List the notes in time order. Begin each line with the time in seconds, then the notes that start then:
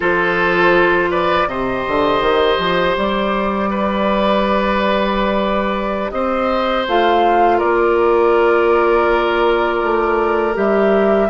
0.00 F3 F4 A4 C5
1.10 B4 D5
1.46 C3 G4 C5 D#5
1.87 D3
2.20 D#3
2.58 F3
2.96 G3 D5
3.70 B4
6.10 C4 C5 D#5
6.87 A3 F4 F5
7.57 A#3 A#4 D5
9.83 A3
10.54 G3 G4 E5